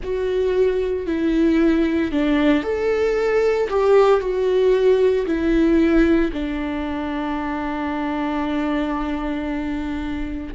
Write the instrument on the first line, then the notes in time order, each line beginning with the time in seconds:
viola
0.02 F#4
1.06 E4
2.11 D4
2.63 A4
3.69 G4
4.20 F#4
5.25 E4
6.32 D4